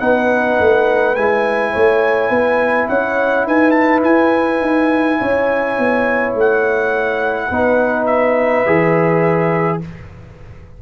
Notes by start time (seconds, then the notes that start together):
0.00 B3 D#4 B4 F#5
0.60 A3
1.16 G#3 E4 G#5
1.73 A3 C#5
2.30 B3 B4
2.89 C#4 C#5 F#5
3.47 D#4 B4 G#5
3.71 A5
4.04 E4 G#5
4.61 D#4
5.20 C#4 C#5
5.79 B3
6.35 A3 F#5
7.49 B3 D#4 B4
8.06 E5
8.66 E3 G#4